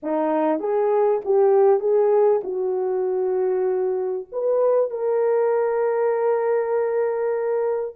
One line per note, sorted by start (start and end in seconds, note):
0.02 0.59 D#4
0.59 1.21 G#4
1.24 1.80 G4
1.80 2.41 G#4
2.43 4.27 F#4
4.32 4.90 B4
4.90 7.95 A#4